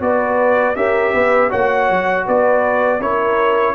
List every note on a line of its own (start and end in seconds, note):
0.00 0.75 B3
0.00 0.75 F#4
0.00 0.78 B4
0.00 0.76 D5
0.75 1.13 C#4
0.75 1.50 G4
0.75 1.13 A#4
0.75 1.51 E5
1.13 1.51 B3
1.13 1.49 B4
1.49 1.90 A#3
1.49 3.00 F#4
1.49 2.24 C#5
1.49 2.27 F#5
1.90 2.27 F#3
2.26 3.00 B3
2.26 3.01 B4
2.26 3.01 D5
3.00 3.75 C#4
3.00 3.75 E4
3.00 3.75 A#4
3.00 3.75 C#5